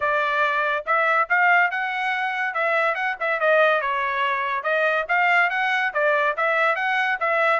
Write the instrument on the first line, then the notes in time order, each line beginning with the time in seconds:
trumpet
0.00 D5
0.86 E5
1.29 F5
1.71 F#5
2.54 E5
2.94 F#5
3.20 E5
3.40 D#5
3.81 C#5
4.63 D#5
5.08 F5
5.50 F#5
5.93 D5
6.36 E5
6.75 F#5
7.20 E5